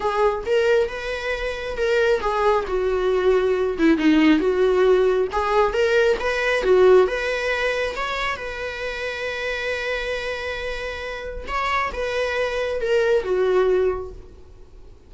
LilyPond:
\new Staff \with { instrumentName = "viola" } { \time 4/4 \tempo 4 = 136 gis'4 ais'4 b'2 | ais'4 gis'4 fis'2~ | fis'8 e'8 dis'4 fis'2 | gis'4 ais'4 b'4 fis'4 |
b'2 cis''4 b'4~ | b'1~ | b'2 cis''4 b'4~ | b'4 ais'4 fis'2 | }